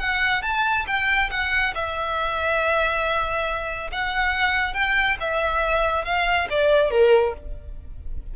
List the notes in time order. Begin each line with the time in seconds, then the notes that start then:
0.00 F#5
0.43 A5
0.87 G5
1.31 F#5
1.75 E5
3.92 F#5
4.74 G5
5.20 E5
6.05 F5
6.50 D5
6.91 A#4